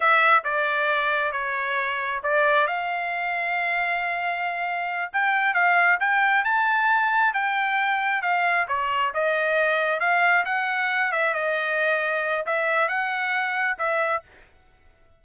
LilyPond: \new Staff \with { instrumentName = "trumpet" } { \time 4/4 \tempo 4 = 135 e''4 d''2 cis''4~ | cis''4 d''4 f''2~ | f''2.~ f''8 g''8~ | g''8 f''4 g''4 a''4.~ |
a''8 g''2 f''4 cis''8~ | cis''8 dis''2 f''4 fis''8~ | fis''4 e''8 dis''2~ dis''8 | e''4 fis''2 e''4 | }